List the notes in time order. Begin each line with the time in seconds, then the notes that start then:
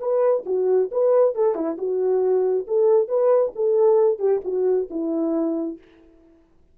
0.00 B4
0.46 F#4
0.92 B4
1.35 A4
1.55 E4
1.78 F#4
2.68 A4
3.08 B4
3.56 A4
4.19 G4
4.45 F#4
4.90 E4